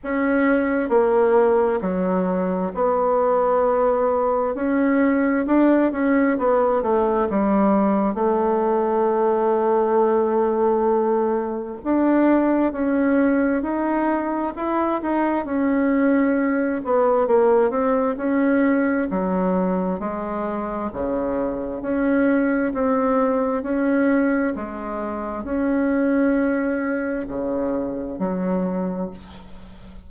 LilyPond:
\new Staff \with { instrumentName = "bassoon" } { \time 4/4 \tempo 4 = 66 cis'4 ais4 fis4 b4~ | b4 cis'4 d'8 cis'8 b8 a8 | g4 a2.~ | a4 d'4 cis'4 dis'4 |
e'8 dis'8 cis'4. b8 ais8 c'8 | cis'4 fis4 gis4 cis4 | cis'4 c'4 cis'4 gis4 | cis'2 cis4 fis4 | }